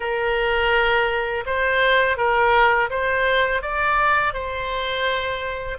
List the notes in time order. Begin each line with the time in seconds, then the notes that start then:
0.00 A#4
1.46 C5
2.17 A#4
2.90 C5
3.62 D5
4.33 C5